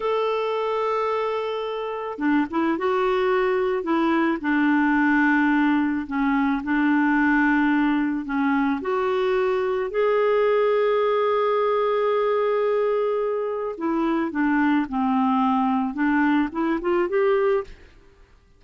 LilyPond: \new Staff \with { instrumentName = "clarinet" } { \time 4/4 \tempo 4 = 109 a'1 | d'8 e'8 fis'2 e'4 | d'2. cis'4 | d'2. cis'4 |
fis'2 gis'2~ | gis'1~ | gis'4 e'4 d'4 c'4~ | c'4 d'4 e'8 f'8 g'4 | }